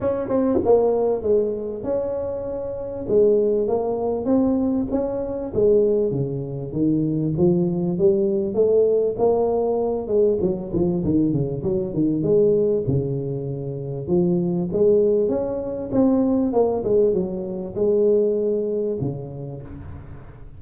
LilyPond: \new Staff \with { instrumentName = "tuba" } { \time 4/4 \tempo 4 = 98 cis'8 c'8 ais4 gis4 cis'4~ | cis'4 gis4 ais4 c'4 | cis'4 gis4 cis4 dis4 | f4 g4 a4 ais4~ |
ais8 gis8 fis8 f8 dis8 cis8 fis8 dis8 | gis4 cis2 f4 | gis4 cis'4 c'4 ais8 gis8 | fis4 gis2 cis4 | }